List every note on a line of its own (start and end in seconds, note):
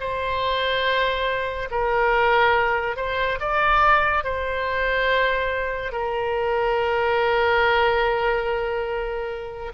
0.00 1.69 C5
1.71 2.97 A#4
2.97 3.39 C5
3.40 4.24 D5
4.24 5.92 C5
5.92 9.73 A#4